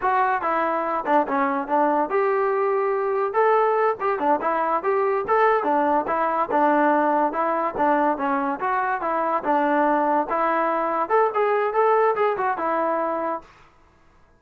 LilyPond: \new Staff \with { instrumentName = "trombone" } { \time 4/4 \tempo 4 = 143 fis'4 e'4. d'8 cis'4 | d'4 g'2. | a'4. g'8 d'8 e'4 g'8~ | g'8 a'4 d'4 e'4 d'8~ |
d'4. e'4 d'4 cis'8~ | cis'8 fis'4 e'4 d'4.~ | d'8 e'2 a'8 gis'4 | a'4 gis'8 fis'8 e'2 | }